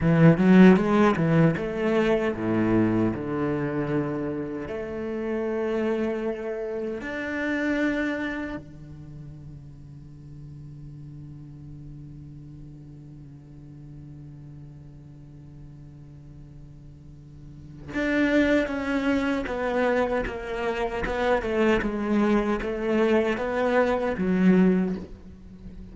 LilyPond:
\new Staff \with { instrumentName = "cello" } { \time 4/4 \tempo 4 = 77 e8 fis8 gis8 e8 a4 a,4 | d2 a2~ | a4 d'2 d4~ | d1~ |
d1~ | d2. d'4 | cis'4 b4 ais4 b8 a8 | gis4 a4 b4 fis4 | }